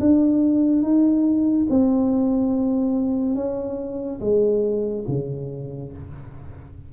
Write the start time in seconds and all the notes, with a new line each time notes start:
0.00 D4
0.83 D#4
1.70 C4
3.35 C#4
4.21 G#3
5.08 C#3